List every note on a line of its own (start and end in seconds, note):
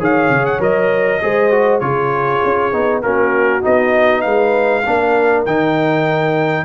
0.00 0.30 D#3
0.00 0.60 G#4
0.00 1.22 C#5
0.00 0.46 F5
0.30 0.60 C#3
0.46 0.61 F#5
0.60 1.21 F#3
0.60 1.21 A#4
0.60 1.80 D#5
1.23 1.82 G#3
1.23 1.51 G#4
1.23 1.84 C5
1.51 1.82 F#4
1.80 2.42 C#3
1.80 2.73 F4
1.80 3.05 G#4
1.80 3.01 C#5
2.45 2.73 C#4
2.73 3.04 B3
2.73 3.03 D#4
3.03 3.64 A#3
3.03 3.62 C#4
3.03 4.22 F#4
3.03 3.63 A#4
3.62 4.26 B3
3.62 4.83 D#4
3.62 4.22 D#5
4.22 4.87 G#3
4.22 4.83 B4
4.22 5.43 F5
4.86 5.46 A#3
4.86 5.47 D4
4.86 6.65 A#4
5.46 6.65 D#3
5.46 6.65 D#4
5.46 6.65 G5